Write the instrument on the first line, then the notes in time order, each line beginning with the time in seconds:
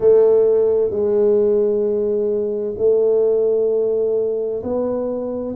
tuba
0.00 A3
0.90 G#3
2.77 A3
4.63 B3